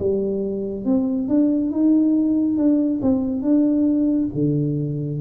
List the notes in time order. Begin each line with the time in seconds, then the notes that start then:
0.00 G3
0.85 C4
1.28 D4
1.71 D#4
2.57 D4
3.02 C4
3.42 D4
4.34 D3